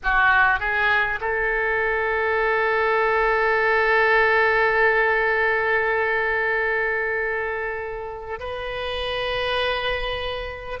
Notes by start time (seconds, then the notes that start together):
0.03 F#4
0.59 G#4
1.20 A4
8.39 B4